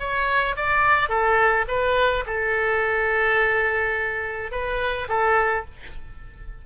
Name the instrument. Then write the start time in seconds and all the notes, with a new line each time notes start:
oboe
0.00 C#5
0.57 D5
1.10 A4
1.69 B4
2.27 A4
4.52 B4
5.09 A4